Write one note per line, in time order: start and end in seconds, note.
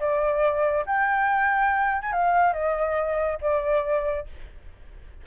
0.00 0.85 D5
0.86 2.02 G5
2.02 2.13 G#5
2.13 2.54 F5
2.54 3.39 D#5
3.42 4.27 D5